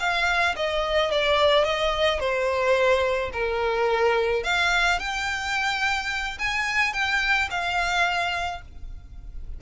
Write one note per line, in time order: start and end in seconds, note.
0.00 0.56 F5
0.56 1.12 D#5
1.12 1.65 D5
1.65 2.20 D#5
2.20 3.31 C5
3.33 4.44 A#4
4.44 4.99 F5
4.99 6.38 G5
6.39 6.94 G#5
6.94 7.49 G5
7.51 8.62 F5